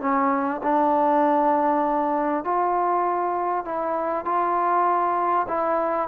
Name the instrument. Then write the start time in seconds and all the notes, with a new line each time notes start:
trombone
0.00 C#4
0.63 D4
2.44 F4
3.65 E4
4.25 F4
5.48 E4